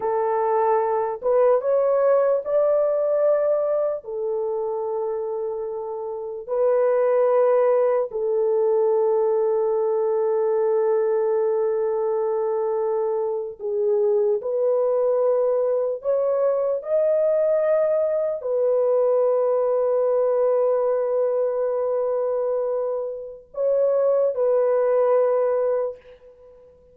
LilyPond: \new Staff \with { instrumentName = "horn" } { \time 4/4 \tempo 4 = 74 a'4. b'8 cis''4 d''4~ | d''4 a'2. | b'2 a'2~ | a'1~ |
a'8. gis'4 b'2 cis''16~ | cis''8. dis''2 b'4~ b'16~ | b'1~ | b'4 cis''4 b'2 | }